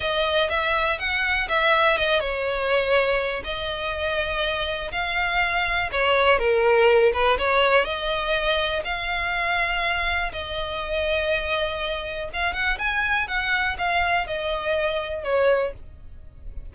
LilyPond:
\new Staff \with { instrumentName = "violin" } { \time 4/4 \tempo 4 = 122 dis''4 e''4 fis''4 e''4 | dis''8 cis''2~ cis''8 dis''4~ | dis''2 f''2 | cis''4 ais'4. b'8 cis''4 |
dis''2 f''2~ | f''4 dis''2.~ | dis''4 f''8 fis''8 gis''4 fis''4 | f''4 dis''2 cis''4 | }